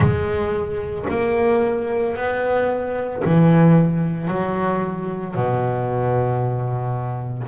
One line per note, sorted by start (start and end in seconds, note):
0.00 1.05 G#3
1.10 2.15 A#3
2.15 3.22 B3
3.24 4.27 E3
4.27 5.34 F#3
5.35 7.48 B2